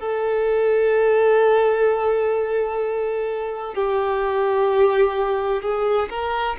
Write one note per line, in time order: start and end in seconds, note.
0.00 3.74 A4
3.74 5.62 G4
5.62 6.09 G#4
6.09 6.56 A#4